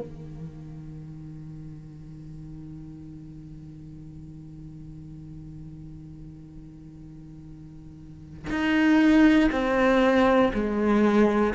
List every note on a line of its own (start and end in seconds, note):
0.00 8.50 D#3
8.50 9.50 D#4
9.52 10.52 C4
10.54 11.54 G#3